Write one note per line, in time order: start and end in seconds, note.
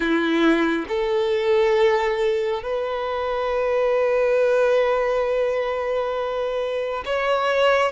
0.00 0.85 E4
0.88 2.62 A4
2.62 7.03 B4
7.05 7.92 C#5